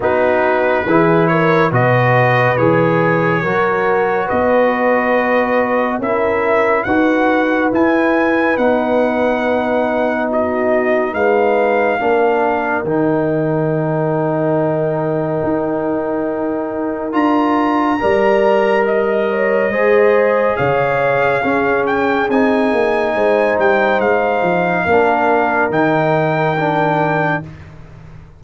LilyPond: <<
  \new Staff \with { instrumentName = "trumpet" } { \time 4/4 \tempo 4 = 70 b'4. cis''8 dis''4 cis''4~ | cis''4 dis''2 e''4 | fis''4 gis''4 fis''2 | dis''4 f''2 g''4~ |
g''1 | ais''2 dis''2 | f''4. g''8 gis''4. g''8 | f''2 g''2 | }
  \new Staff \with { instrumentName = "horn" } { \time 4/4 fis'4 gis'8 ais'8 b'2 | ais'4 b'2 ais'4 | b'1 | fis'4 b'4 ais'2~ |
ais'1~ | ais'4 d''4 dis''8 cis''8 c''4 | cis''4 gis'2 c''4~ | c''4 ais'2. | }
  \new Staff \with { instrumentName = "trombone" } { \time 4/4 dis'4 e'4 fis'4 gis'4 | fis'2. e'4 | fis'4 e'4 dis'2~ | dis'2 d'4 dis'4~ |
dis'1 | f'4 ais'2 gis'4~ | gis'4 cis'4 dis'2~ | dis'4 d'4 dis'4 d'4 | }
  \new Staff \with { instrumentName = "tuba" } { \time 4/4 b4 e4 b,4 e4 | fis4 b2 cis'4 | dis'4 e'4 b2~ | b4 gis4 ais4 dis4~ |
dis2 dis'2 | d'4 g2 gis4 | cis4 cis'4 c'8 ais8 gis8 g8 | gis8 f8 ais4 dis2 | }
>>